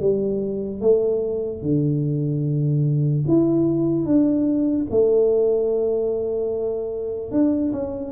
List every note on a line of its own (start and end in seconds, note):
0.00 0.81 G3
0.81 1.62 A3
1.62 3.24 D3
3.28 4.05 E4
4.05 4.86 D4
4.90 7.31 A3
7.31 7.71 D4
7.72 8.12 C#4